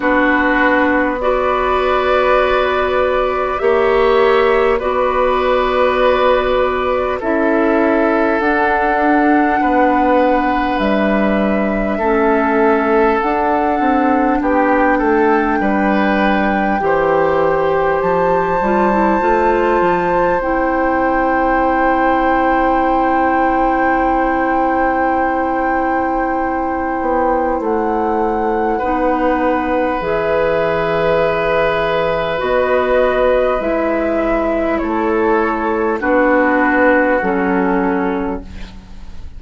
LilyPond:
<<
  \new Staff \with { instrumentName = "flute" } { \time 4/4 \tempo 4 = 50 b'4 d''2 e''4 | d''2 e''4 fis''4~ | fis''4 e''2 fis''4 | g''2. a''4~ |
a''4 g''2.~ | g''2. fis''4~ | fis''4 e''2 dis''4 | e''4 cis''4 b'4 a'4 | }
  \new Staff \with { instrumentName = "oboe" } { \time 4/4 fis'4 b'2 cis''4 | b'2 a'2 | b'2 a'2 | g'8 a'8 b'4 c''2~ |
c''1~ | c''1 | b'1~ | b'4 a'4 fis'2 | }
  \new Staff \with { instrumentName = "clarinet" } { \time 4/4 d'4 fis'2 g'4 | fis'2 e'4 d'4~ | d'2 cis'4 d'4~ | d'2 g'4. f'16 e'16 |
f'4 e'2.~ | e'1 | dis'4 gis'2 fis'4 | e'2 d'4 cis'4 | }
  \new Staff \with { instrumentName = "bassoon" } { \time 4/4 b2. ais4 | b2 cis'4 d'4 | b4 g4 a4 d'8 c'8 | b8 a8 g4 e4 f8 g8 |
a8 f8 c'2.~ | c'2~ c'8 b8 a4 | b4 e2 b4 | gis4 a4 b4 fis4 | }
>>